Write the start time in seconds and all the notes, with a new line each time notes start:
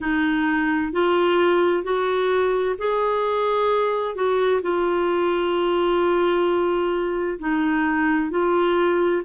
0.00 D#4
0.92 F4
1.83 F#4
2.78 G#4
4.15 F#4
4.62 F4
7.38 D#4
8.30 F4